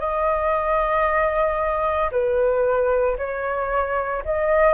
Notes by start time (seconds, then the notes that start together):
0.00 D#5
2.12 B4
3.18 C#5
4.25 D#5